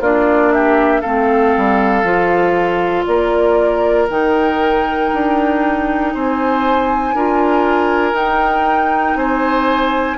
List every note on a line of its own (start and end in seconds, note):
0.00 1.02 A#3
0.00 1.04 D4
0.00 0.52 F4
0.00 0.53 D5
0.53 1.01 G4
0.53 1.01 E5
1.01 1.56 A3
1.01 2.05 C4
1.01 3.05 A4
1.01 3.05 F5
1.57 2.04 G3
2.04 3.05 F3
2.04 4.08 F4
3.06 4.09 A#3
3.06 6.14 A#4
3.06 4.08 D5
4.10 5.12 D#3
4.10 7.16 D#4
4.10 6.14 G5
5.13 6.15 D4
6.14 7.14 C4
6.14 7.15 C5
6.14 8.16 G#5
7.14 8.13 D4
7.14 8.13 F4
7.14 9.18 A#4
8.13 9.15 D#4
8.13 10.17 D#4
8.13 9.17 G5
9.15 10.17 C4
9.15 10.18 C5
9.15 10.18 G#5